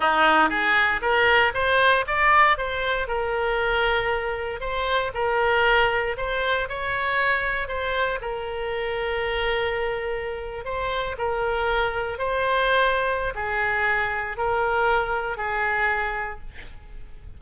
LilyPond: \new Staff \with { instrumentName = "oboe" } { \time 4/4 \tempo 4 = 117 dis'4 gis'4 ais'4 c''4 | d''4 c''4 ais'2~ | ais'4 c''4 ais'2 | c''4 cis''2 c''4 |
ais'1~ | ais'8. c''4 ais'2 c''16~ | c''2 gis'2 | ais'2 gis'2 | }